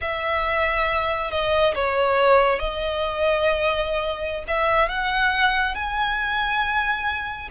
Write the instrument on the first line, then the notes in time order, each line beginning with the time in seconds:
violin
0.01 E5
1.30 D#5
1.75 C#5
2.59 D#5
4.47 E5
4.88 F#5
5.75 G#5